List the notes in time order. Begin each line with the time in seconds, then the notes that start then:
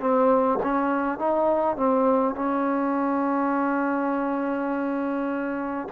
0.00 C4
0.63 C#4
1.19 D#4
1.76 C4
2.35 C#4